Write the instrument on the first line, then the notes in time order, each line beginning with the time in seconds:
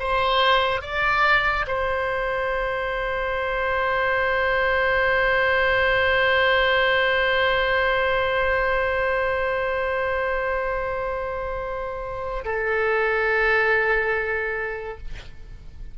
oboe
0.00 C5
0.82 D5
1.67 C5
12.45 A4